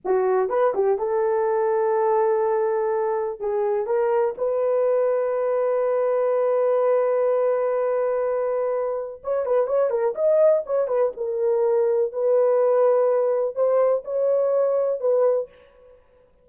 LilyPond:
\new Staff \with { instrumentName = "horn" } { \time 4/4 \tempo 4 = 124 fis'4 b'8 g'8 a'2~ | a'2. gis'4 | ais'4 b'2.~ | b'1~ |
b'2. cis''8 b'8 | cis''8 ais'8 dis''4 cis''8 b'8 ais'4~ | ais'4 b'2. | c''4 cis''2 b'4 | }